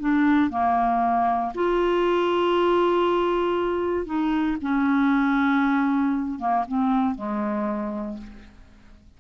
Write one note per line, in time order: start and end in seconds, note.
0.00 0.50 D4
0.50 1.53 A#3
1.55 4.06 F4
4.06 4.57 D#4
4.62 6.39 C#4
6.39 6.65 A#3
6.68 7.15 C4
7.15 8.18 G#3